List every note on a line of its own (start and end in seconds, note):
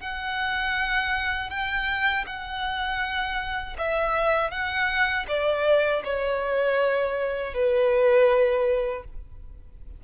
0.00 1.50 F#5
1.50 2.25 G5
2.26 3.76 F#5
3.78 4.51 E5
4.51 5.26 F#5
5.28 6.03 D5
6.04 7.54 C#5
7.54 9.04 B4